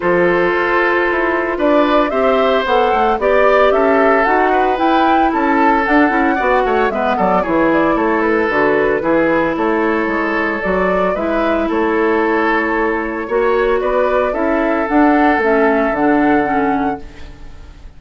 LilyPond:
<<
  \new Staff \with { instrumentName = "flute" } { \time 4/4 \tempo 4 = 113 c''2. d''4 | e''4 fis''4 d''4 e''4 | fis''4 g''4 a''4 fis''4~ | fis''4 e''8 d''8 cis''8 d''8 cis''8 b'8~ |
b'2 cis''2 | d''4 e''4 cis''2~ | cis''2 d''4 e''4 | fis''4 e''4 fis''2 | }
  \new Staff \with { instrumentName = "oboe" } { \time 4/4 a'2. b'4 | c''2 d''4 a'4~ | a'8 b'4. a'2 | d''8 cis''8 b'8 a'8 gis'4 a'4~ |
a'4 gis'4 a'2~ | a'4 b'4 a'2~ | a'4 cis''4 b'4 a'4~ | a'1 | }
  \new Staff \with { instrumentName = "clarinet" } { \time 4/4 f'1 | g'4 a'4 g'2 | fis'4 e'2 d'8 e'8 | fis'4 b4 e'2 |
fis'4 e'2. | fis'4 e'2.~ | e'4 fis'2 e'4 | d'4 cis'4 d'4 cis'4 | }
  \new Staff \with { instrumentName = "bassoon" } { \time 4/4 f4 f'4 e'4 d'4 | c'4 b8 a8 b4 cis'4 | dis'4 e'4 cis'4 d'8 cis'8 | b8 a8 gis8 fis8 e4 a4 |
d4 e4 a4 gis4 | fis4 gis4 a2~ | a4 ais4 b4 cis'4 | d'4 a4 d2 | }
>>